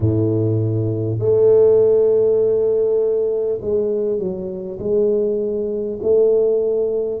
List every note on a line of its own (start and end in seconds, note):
0.00 1.19 A2
1.19 3.59 A3
3.61 4.18 G#3
4.18 4.78 F#3
4.79 5.99 G#3
6.02 7.20 A3